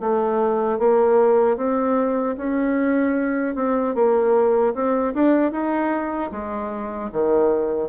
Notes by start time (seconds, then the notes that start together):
0.00 A3
0.79 A#3
1.57 C4
2.37 C#4
3.55 C4
3.95 A#3
4.74 C4
5.14 D4
5.52 D#4
6.32 G#3
7.12 D#3